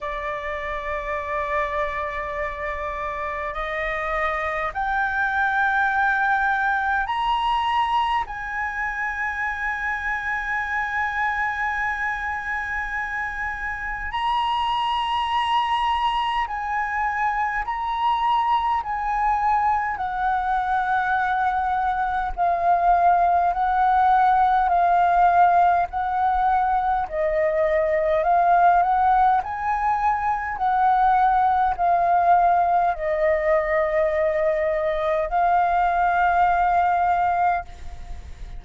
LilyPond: \new Staff \with { instrumentName = "flute" } { \time 4/4 \tempo 4 = 51 d''2. dis''4 | g''2 ais''4 gis''4~ | gis''1 | ais''2 gis''4 ais''4 |
gis''4 fis''2 f''4 | fis''4 f''4 fis''4 dis''4 | f''8 fis''8 gis''4 fis''4 f''4 | dis''2 f''2 | }